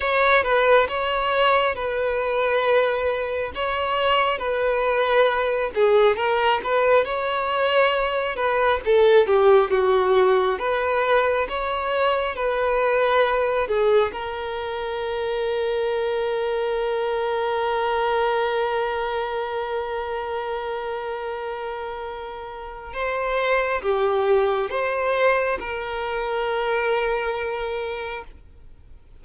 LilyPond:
\new Staff \with { instrumentName = "violin" } { \time 4/4 \tempo 4 = 68 cis''8 b'8 cis''4 b'2 | cis''4 b'4. gis'8 ais'8 b'8 | cis''4. b'8 a'8 g'8 fis'4 | b'4 cis''4 b'4. gis'8 |
ais'1~ | ais'1~ | ais'2 c''4 g'4 | c''4 ais'2. | }